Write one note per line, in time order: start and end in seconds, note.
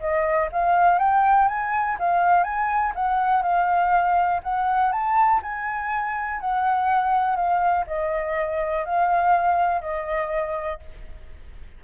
0.00 0.49 D#5
0.52 0.99 F5
0.99 1.48 G5
1.48 1.97 G#5
1.99 2.43 F5
2.43 2.93 G#5
2.95 3.42 F#5
3.42 4.41 F5
4.43 4.92 F#5
4.92 5.41 A5
5.42 6.40 G#5
6.40 7.36 F#5
7.36 7.85 F5
7.87 8.85 D#5
8.85 9.81 F5
9.81 10.80 D#5